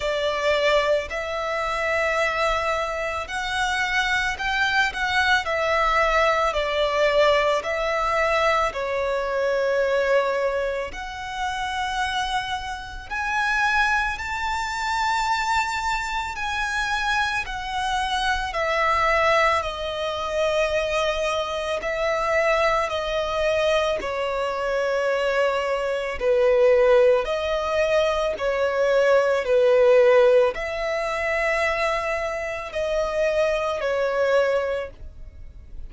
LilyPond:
\new Staff \with { instrumentName = "violin" } { \time 4/4 \tempo 4 = 55 d''4 e''2 fis''4 | g''8 fis''8 e''4 d''4 e''4 | cis''2 fis''2 | gis''4 a''2 gis''4 |
fis''4 e''4 dis''2 | e''4 dis''4 cis''2 | b'4 dis''4 cis''4 b'4 | e''2 dis''4 cis''4 | }